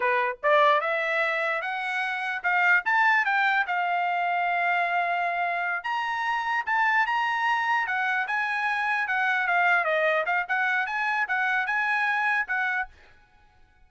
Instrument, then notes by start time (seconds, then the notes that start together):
trumpet
0.00 B4
0.42 D5
0.81 E5
1.61 F#5
2.43 F5
2.85 A5
3.25 G5
3.66 F5
5.83 A#5
6.66 A5
7.06 A#5
7.86 F#5
8.27 G#5
9.07 F#5
9.47 F5
9.84 D#5
10.25 F5
10.48 F#5
10.86 G#5
11.28 F#5
11.66 G#5
12.47 F#5